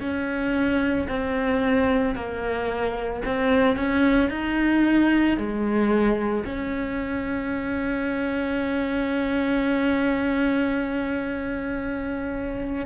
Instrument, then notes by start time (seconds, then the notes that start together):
cello
0.00 C#4
1.08 C4
2.15 A#3
3.25 C4
3.76 C#4
4.30 D#4
5.37 G#3
6.45 C#4